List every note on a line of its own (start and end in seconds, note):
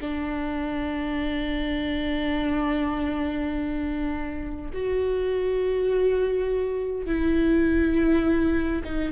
0.00 4.71 D4
4.73 7.06 F#4
7.06 8.82 E4
8.84 9.12 D#4